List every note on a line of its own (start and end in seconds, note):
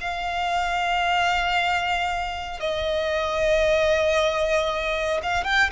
0.00 2.60 F5
2.60 5.21 D#5
5.22 5.44 F5
5.44 5.70 G5